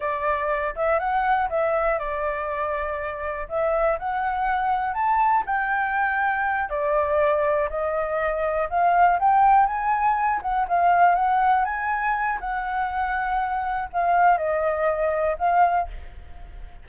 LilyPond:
\new Staff \with { instrumentName = "flute" } { \time 4/4 \tempo 4 = 121 d''4. e''8 fis''4 e''4 | d''2. e''4 | fis''2 a''4 g''4~ | g''4. d''2 dis''8~ |
dis''4. f''4 g''4 gis''8~ | gis''4 fis''8 f''4 fis''4 gis''8~ | gis''4 fis''2. | f''4 dis''2 f''4 | }